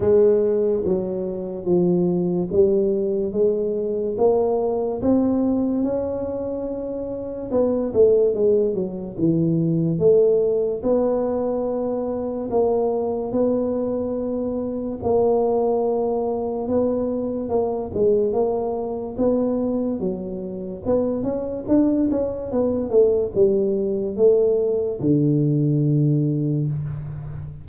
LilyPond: \new Staff \with { instrumentName = "tuba" } { \time 4/4 \tempo 4 = 72 gis4 fis4 f4 g4 | gis4 ais4 c'4 cis'4~ | cis'4 b8 a8 gis8 fis8 e4 | a4 b2 ais4 |
b2 ais2 | b4 ais8 gis8 ais4 b4 | fis4 b8 cis'8 d'8 cis'8 b8 a8 | g4 a4 d2 | }